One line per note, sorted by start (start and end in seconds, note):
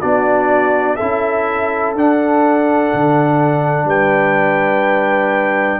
0.00 0.99 B3
0.00 0.98 D4
0.00 0.95 F#4
0.00 0.96 D5
0.95 1.95 E4
0.95 3.85 A4
0.95 1.93 E5
1.01 1.94 C#4
1.94 2.91 D4
1.94 5.80 D4
1.94 3.89 F#5
2.93 3.84 D3
3.84 5.78 G3
3.84 5.80 B4
3.84 5.80 G5